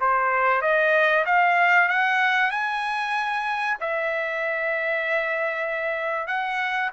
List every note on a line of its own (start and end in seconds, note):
0.00 0.61 C5
0.61 1.25 D#5
1.25 1.89 F5
1.89 2.51 F#5
2.51 3.77 G#5
3.80 6.27 E5
6.27 6.90 F#5